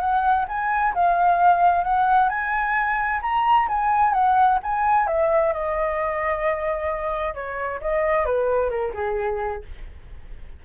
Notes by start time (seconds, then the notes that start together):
0.00 F#5
0.48 G#5
0.95 F5
1.84 F#5
2.29 G#5
3.22 A#5
3.68 G#5
4.13 F#5
4.63 G#5
5.07 E5
5.53 D#5
7.34 C#5
7.81 D#5
8.25 B4
8.70 A#4
8.94 G#4